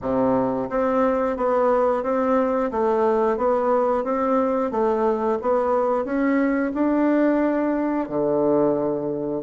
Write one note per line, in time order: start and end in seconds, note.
0.01 0.69 C3
0.69 1.36 C4
1.36 2.03 B3
2.03 2.70 C4
2.71 3.37 A3
3.37 4.04 B3
4.04 4.71 C4
4.71 5.38 A3
5.41 6.04 B3
6.04 6.72 C#4
6.74 8.08 D4
8.08 9.42 D3